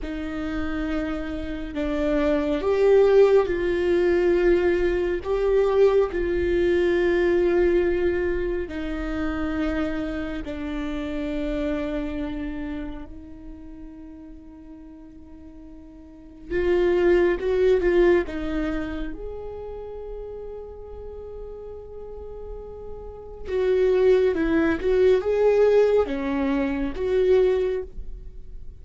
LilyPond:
\new Staff \with { instrumentName = "viola" } { \time 4/4 \tempo 4 = 69 dis'2 d'4 g'4 | f'2 g'4 f'4~ | f'2 dis'2 | d'2. dis'4~ |
dis'2. f'4 | fis'8 f'8 dis'4 gis'2~ | gis'2. fis'4 | e'8 fis'8 gis'4 cis'4 fis'4 | }